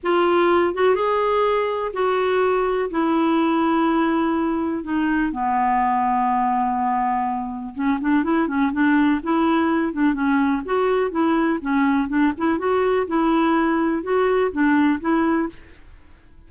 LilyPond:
\new Staff \with { instrumentName = "clarinet" } { \time 4/4 \tempo 4 = 124 f'4. fis'8 gis'2 | fis'2 e'2~ | e'2 dis'4 b4~ | b1 |
cis'8 d'8 e'8 cis'8 d'4 e'4~ | e'8 d'8 cis'4 fis'4 e'4 | cis'4 d'8 e'8 fis'4 e'4~ | e'4 fis'4 d'4 e'4 | }